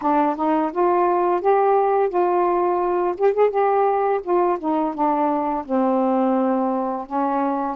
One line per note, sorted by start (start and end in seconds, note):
0.01 0.36 D4
0.36 0.71 D#4
0.72 1.41 F4
1.41 2.09 G4
2.09 3.15 F4
3.17 3.33 G4
3.33 3.50 G#4
3.50 4.20 G4
4.23 4.58 F4
4.59 4.94 D#4
4.94 5.64 D4
5.65 7.06 C4
7.06 7.76 C#4